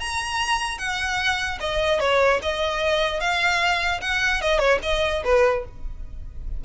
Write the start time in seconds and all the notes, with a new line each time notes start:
0.00 A#5
0.79 F#5
1.60 D#5
2.00 C#5
2.42 D#5
3.20 F5
4.01 F#5
4.42 D#5
4.59 C#5
4.83 D#5
5.25 B4